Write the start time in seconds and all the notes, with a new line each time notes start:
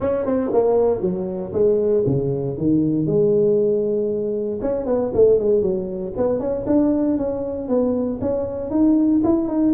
0.00 C#4
0.25 C4
0.52 A#3
1.01 F#3
1.52 G#3
2.06 C#3
2.57 D#3
3.06 G#3
4.61 C#4
4.86 B3
5.14 A3
5.39 G#3
5.62 F#3
6.17 B3
6.39 C#4
6.66 D4
7.17 C#4
7.68 B3
8.21 C#4
8.70 D#4
9.24 E4
9.48 D#4